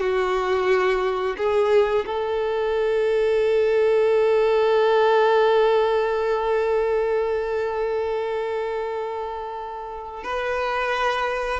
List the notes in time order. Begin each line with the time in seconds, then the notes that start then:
0.00 F#4
1.37 G#4
2.06 A4
10.24 B4